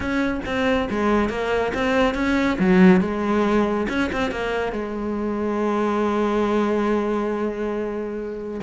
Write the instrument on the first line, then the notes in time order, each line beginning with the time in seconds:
cello
0.00 C#4
0.45 C4
0.89 G#3
1.29 A#3
1.74 C4
2.14 C#4
2.59 F#3
3.00 G#3
3.88 C#4
4.12 C4
4.31 A#3
4.72 G#3